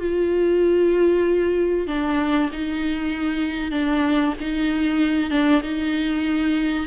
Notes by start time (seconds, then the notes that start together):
0.00 F4
1.87 D4
2.52 D#4
3.71 D4
4.40 D#4
5.30 D4
5.62 D#4